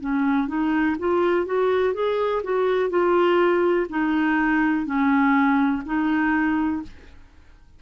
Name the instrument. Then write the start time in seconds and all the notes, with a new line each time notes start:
clarinet
0.00 C#4
0.48 D#4
0.99 F4
1.46 F#4
1.94 G#4
2.43 F#4
2.89 F4
3.89 D#4
4.86 C#4
5.85 D#4